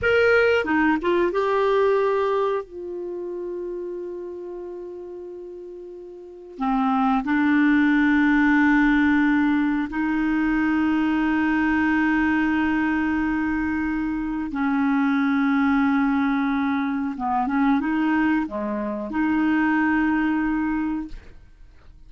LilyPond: \new Staff \with { instrumentName = "clarinet" } { \time 4/4 \tempo 4 = 91 ais'4 dis'8 f'8 g'2 | f'1~ | f'2 c'4 d'4~ | d'2. dis'4~ |
dis'1~ | dis'2 cis'2~ | cis'2 b8 cis'8 dis'4 | gis4 dis'2. | }